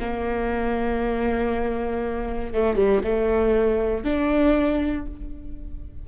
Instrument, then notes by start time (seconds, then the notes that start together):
viola
0.00 A#3
2.53 A3
2.76 G3
3.04 A3
4.04 D4